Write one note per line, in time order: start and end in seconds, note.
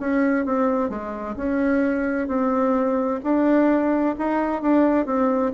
0.00 0.46 C#4
0.46 0.90 C4
0.90 1.36 G#3
1.36 2.28 C#4
2.28 3.21 C4
3.23 4.16 D4
4.18 4.62 D#4
4.62 5.06 D4
5.06 5.52 C4